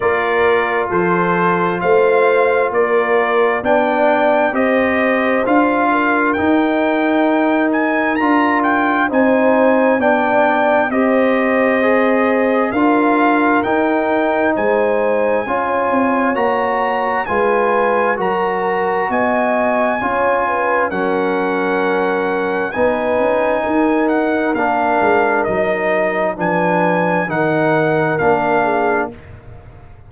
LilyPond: <<
  \new Staff \with { instrumentName = "trumpet" } { \time 4/4 \tempo 4 = 66 d''4 c''4 f''4 d''4 | g''4 dis''4 f''4 g''4~ | g''8 gis''8 ais''8 g''8 gis''4 g''4 | dis''2 f''4 g''4 |
gis''2 ais''4 gis''4 | ais''4 gis''2 fis''4~ | fis''4 gis''4. fis''8 f''4 | dis''4 gis''4 fis''4 f''4 | }
  \new Staff \with { instrumentName = "horn" } { \time 4/4 ais'4 a'4 c''4 ais'4 | d''4 c''4. ais'4.~ | ais'2 c''4 d''4 | c''2 ais'2 |
c''4 cis''2 b'4 | ais'4 dis''4 cis''8 b'8 ais'4~ | ais'4 b'4 ais'2~ | ais'4 b'4 ais'4. gis'8 | }
  \new Staff \with { instrumentName = "trombone" } { \time 4/4 f'1 | d'4 g'4 f'4 dis'4~ | dis'4 f'4 dis'4 d'4 | g'4 gis'4 f'4 dis'4~ |
dis'4 f'4 fis'4 f'4 | fis'2 f'4 cis'4~ | cis'4 dis'2 d'4 | dis'4 d'4 dis'4 d'4 | }
  \new Staff \with { instrumentName = "tuba" } { \time 4/4 ais4 f4 a4 ais4 | b4 c'4 d'4 dis'4~ | dis'4 d'4 c'4 b4 | c'2 d'4 dis'4 |
gis4 cis'8 c'8 ais4 gis4 | fis4 b4 cis'4 fis4~ | fis4 b8 cis'8 dis'4 ais8 gis8 | fis4 f4 dis4 ais4 | }
>>